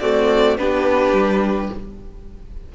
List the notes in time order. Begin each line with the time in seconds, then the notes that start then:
0.00 A3 C4 F#4 D5
0.58 B3 D4 G4 B4
1.12 G3